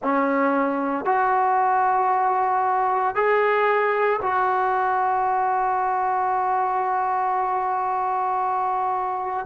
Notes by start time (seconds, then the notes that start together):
0.02 C#4
1.05 F#4
3.15 G#4
4.22 F#4